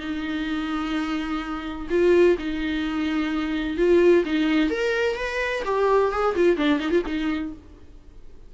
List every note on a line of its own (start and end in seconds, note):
0.00 1.87 D#4
1.90 2.37 F4
2.38 3.77 D#4
3.77 4.24 F4
4.25 4.70 D#4
4.70 5.16 A#4
5.16 5.63 B4
5.65 6.12 G4
6.12 6.35 G#4
6.36 6.57 F4
6.57 6.79 D4
6.79 6.91 D#4
6.91 7.02 F4
7.06 7.53 D#4